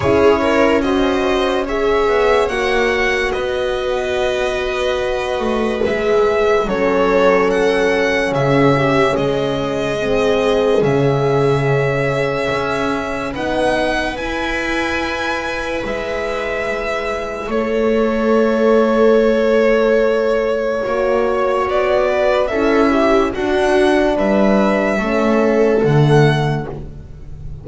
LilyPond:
<<
  \new Staff \with { instrumentName = "violin" } { \time 4/4 \tempo 4 = 72 cis''4 dis''4 e''4 fis''4 | dis''2. e''4 | cis''4 fis''4 e''4 dis''4~ | dis''4 e''2. |
fis''4 gis''2 e''4~ | e''4 cis''2.~ | cis''2 d''4 e''4 | fis''4 e''2 fis''4 | }
  \new Staff \with { instrumentName = "viola" } { \time 4/4 gis'8 ais'8 c''4 cis''2 | b'1 | a'2 gis'8 g'8 gis'4~ | gis'1 |
b'1~ | b'4 a'2.~ | a'4 cis''4. b'8 a'8 g'8 | fis'4 b'4 a'2 | }
  \new Staff \with { instrumentName = "horn" } { \time 4/4 e'4 fis'4 gis'4 fis'4~ | fis'2. gis'4 | cis'1 | c'4 cis'2. |
dis'4 e'2.~ | e'1~ | e'4 fis'2 e'4 | d'2 cis'4 a4 | }
  \new Staff \with { instrumentName = "double bass" } { \time 4/4 cis'2~ cis'8 b8 ais4 | b2~ b8 a8 gis4 | fis2 cis4 gis4~ | gis4 cis2 cis'4 |
b4 e'2 gis4~ | gis4 a2.~ | a4 ais4 b4 cis'4 | d'4 g4 a4 d4 | }
>>